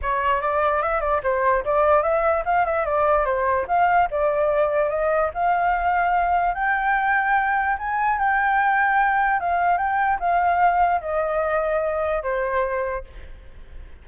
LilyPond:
\new Staff \with { instrumentName = "flute" } { \time 4/4 \tempo 4 = 147 cis''4 d''4 e''8 d''8 c''4 | d''4 e''4 f''8 e''8 d''4 | c''4 f''4 d''2 | dis''4 f''2. |
g''2. gis''4 | g''2. f''4 | g''4 f''2 dis''4~ | dis''2 c''2 | }